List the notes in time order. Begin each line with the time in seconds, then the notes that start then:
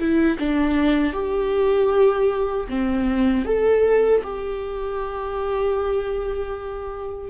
0.00 E4
0.39 D4
1.13 G4
2.69 C4
3.45 A4
4.24 G4